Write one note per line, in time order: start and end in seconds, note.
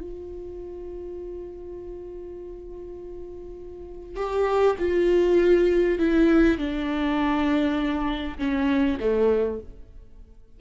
0.00 4.16 F4
4.16 4.76 G4
4.79 5.99 F4
5.99 6.58 E4
6.58 8.38 D4
8.38 8.98 C#4
9.00 9.60 A3